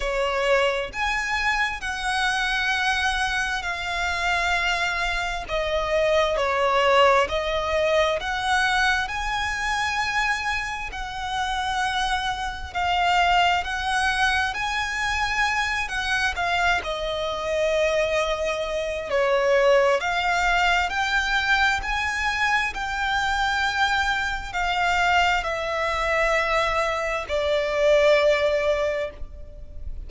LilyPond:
\new Staff \with { instrumentName = "violin" } { \time 4/4 \tempo 4 = 66 cis''4 gis''4 fis''2 | f''2 dis''4 cis''4 | dis''4 fis''4 gis''2 | fis''2 f''4 fis''4 |
gis''4. fis''8 f''8 dis''4.~ | dis''4 cis''4 f''4 g''4 | gis''4 g''2 f''4 | e''2 d''2 | }